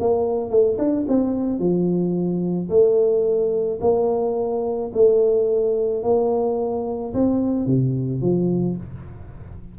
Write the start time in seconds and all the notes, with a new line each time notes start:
0.00 A#3
0.50 A3
0.79 D4
1.08 C4
1.59 F3
2.70 A3
3.82 A#3
4.94 A3
6.04 A#3
7.14 C4
7.67 C3
8.22 F3